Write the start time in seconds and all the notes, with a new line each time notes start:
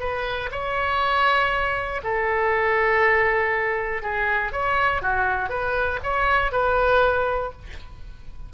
0.00 B4
0.52 C#5
2.03 A4
4.02 G#4
4.52 C#5
5.02 F#4
5.50 B4
6.03 C#5
6.52 B4